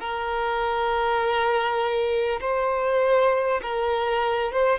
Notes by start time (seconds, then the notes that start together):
0.00 A#4
2.40 C5
3.62 A#4
4.52 C5